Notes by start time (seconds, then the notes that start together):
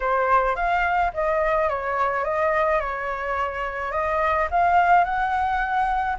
0.00 C5
0.55 F5
1.13 D#5
1.69 C#5
2.24 D#5
2.80 C#5
3.91 D#5
4.50 F5
5.04 F#5